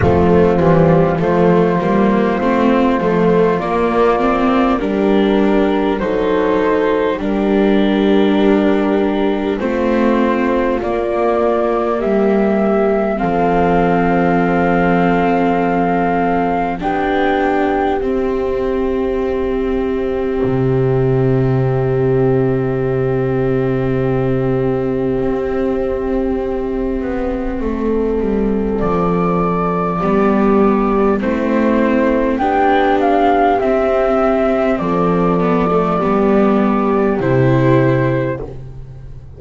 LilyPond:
<<
  \new Staff \with { instrumentName = "flute" } { \time 4/4 \tempo 4 = 50 f'4 c''2 d''4 | ais'4 c''4 ais'2 | c''4 d''4 e''4 f''4~ | f''2 g''4 e''4~ |
e''1~ | e''1 | d''2 c''4 g''8 f''8 | e''4 d''2 c''4 | }
  \new Staff \with { instrumentName = "horn" } { \time 4/4 c'4 f'2. | g'4 a'4 g'2 | f'2 g'4 a'4~ | a'2 g'2~ |
g'1~ | g'2. a'4~ | a'4 g'4 e'4 g'4~ | g'4 a'4 g'2 | }
  \new Staff \with { instrumentName = "viola" } { \time 4/4 a8 g8 a8 ais8 c'8 a8 ais8 c'8 | d'4 dis'4 d'2 | c'4 ais2 c'4~ | c'2 d'4 c'4~ |
c'1~ | c'1~ | c'4 b4 c'4 d'4 | c'4. b16 a16 b4 e'4 | }
  \new Staff \with { instrumentName = "double bass" } { \time 4/4 f8 e8 f8 g8 a8 f8 ais4 | g4 fis4 g2 | a4 ais4 g4 f4~ | f2 b4 c'4~ |
c'4 c2.~ | c4 c'4. b8 a8 g8 | f4 g4 a4 b4 | c'4 f4 g4 c4 | }
>>